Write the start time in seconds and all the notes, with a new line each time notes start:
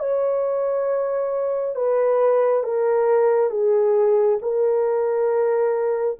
0.00 C#5
1.76 B4
2.64 A#4
3.51 G#4
4.42 A#4